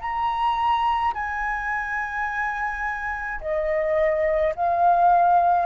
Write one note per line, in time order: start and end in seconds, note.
0.00 1.13 A#5
1.14 3.40 G#5
3.41 4.54 D#5
4.55 5.66 F5